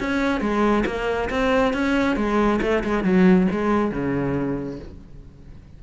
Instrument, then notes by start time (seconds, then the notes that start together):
cello
0.00 C#4
0.41 G#3
0.86 A#3
1.30 C4
1.73 C#4
2.16 G#3
2.61 A3
2.84 G#3
3.04 F#3
3.51 G#3
3.91 C#3